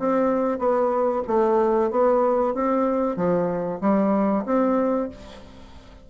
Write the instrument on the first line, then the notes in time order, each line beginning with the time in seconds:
bassoon
0.00 C4
0.59 B3
1.28 A3
1.91 B3
2.55 C4
3.17 F3
3.82 G3
4.46 C4